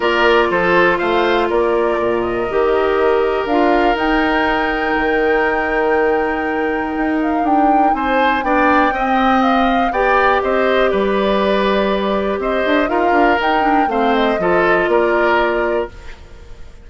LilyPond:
<<
  \new Staff \with { instrumentName = "flute" } { \time 4/4 \tempo 4 = 121 d''4 c''4 f''4 d''4~ | d''8 dis''2~ dis''8 f''4 | g''1~ | g''2~ g''8 f''8 g''4 |
gis''4 g''2 f''4 | g''4 dis''4 d''2~ | d''4 dis''4 f''4 g''4 | f''8 dis''4. d''2 | }
  \new Staff \with { instrumentName = "oboe" } { \time 4/4 ais'4 a'4 c''4 ais'4~ | ais'1~ | ais'1~ | ais'1 |
c''4 d''4 dis''2 | d''4 c''4 b'2~ | b'4 c''4 ais'2 | c''4 a'4 ais'2 | }
  \new Staff \with { instrumentName = "clarinet" } { \time 4/4 f'1~ | f'4 g'2 f'4 | dis'1~ | dis'1~ |
dis'4 d'4 c'2 | g'1~ | g'2 f'4 dis'8 d'8 | c'4 f'2. | }
  \new Staff \with { instrumentName = "bassoon" } { \time 4/4 ais4 f4 a4 ais4 | ais,4 dis2 d'4 | dis'2 dis2~ | dis2 dis'4 d'4 |
c'4 b4 c'2 | b4 c'4 g2~ | g4 c'8 d'8 dis'8 d'8 dis'4 | a4 f4 ais2 | }
>>